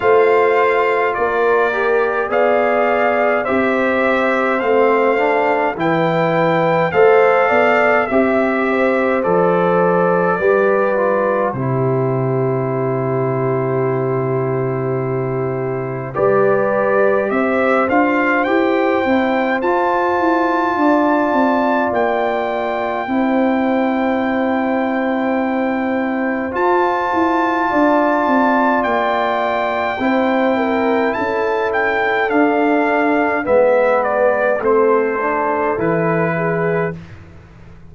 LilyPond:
<<
  \new Staff \with { instrumentName = "trumpet" } { \time 4/4 \tempo 4 = 52 f''4 d''4 f''4 e''4 | f''4 g''4 f''4 e''4 | d''2 c''2~ | c''2 d''4 e''8 f''8 |
g''4 a''2 g''4~ | g''2. a''4~ | a''4 g''2 a''8 g''8 | f''4 e''8 d''8 c''4 b'4 | }
  \new Staff \with { instrumentName = "horn" } { \time 4/4 c''4 ais'4 d''4 c''4~ | c''4 b'4 c''8 d''8 e''8 c''8~ | c''4 b'4 g'2~ | g'2 b'4 c''4~ |
c''2 d''2 | c''1 | d''2 c''8 ais'8 a'4~ | a'4 b'4 a'4. gis'8 | }
  \new Staff \with { instrumentName = "trombone" } { \time 4/4 f'4. g'8 gis'4 g'4 | c'8 d'8 e'4 a'4 g'4 | a'4 g'8 f'8 e'2~ | e'2 g'4. f'8 |
g'8 e'8 f'2. | e'2. f'4~ | f'2 e'2 | d'4 b4 c'8 d'8 e'4 | }
  \new Staff \with { instrumentName = "tuba" } { \time 4/4 a4 ais4 b4 c'4 | a4 e4 a8 b8 c'4 | f4 g4 c2~ | c2 g4 c'8 d'8 |
e'8 c'8 f'8 e'8 d'8 c'8 ais4 | c'2. f'8 e'8 | d'8 c'8 ais4 c'4 cis'4 | d'4 gis4 a4 e4 | }
>>